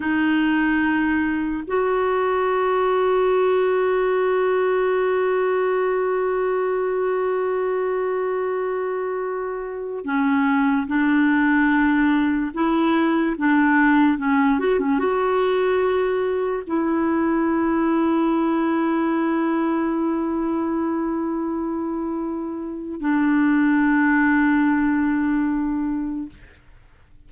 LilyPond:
\new Staff \with { instrumentName = "clarinet" } { \time 4/4 \tempo 4 = 73 dis'2 fis'2~ | fis'1~ | fis'1~ | fis'16 cis'4 d'2 e'8.~ |
e'16 d'4 cis'8 fis'16 cis'16 fis'4.~ fis'16~ | fis'16 e'2.~ e'8.~ | e'1 | d'1 | }